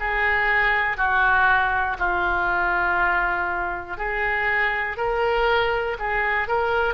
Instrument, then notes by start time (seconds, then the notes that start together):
oboe
0.00 G#4
0.98 F#4
1.99 F4
3.98 G#4
4.97 A#4
6.00 G#4
6.48 A#4